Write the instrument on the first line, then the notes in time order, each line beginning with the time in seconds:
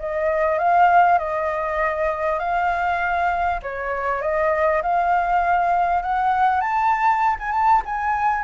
flute
0.00 D#5
0.59 F5
1.19 D#5
2.40 F5
3.63 C#5
4.22 D#5
4.83 F5
6.03 F#5
6.61 A5
7.40 G#5
7.52 A5
7.86 G#5